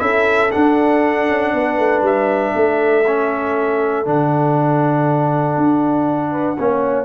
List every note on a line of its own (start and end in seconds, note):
0.00 0.52 C#4
0.00 0.50 E4
0.00 1.54 A4
0.00 0.51 E5
0.52 3.05 D4
0.52 1.29 D4
0.52 2.03 F#5
1.29 1.54 C#4
1.54 1.79 B3
1.54 2.55 B4
1.79 2.02 A3
2.02 2.52 G3
2.02 4.08 E5
2.55 4.07 A3
2.55 6.32 A4
3.07 4.06 C#4
4.06 5.57 D3
4.06 6.58 D4
4.06 7.05 F#5
5.57 6.58 D4
6.32 6.57 B4
6.59 7.05 A#3
6.59 7.05 C#4
6.59 7.05 C#5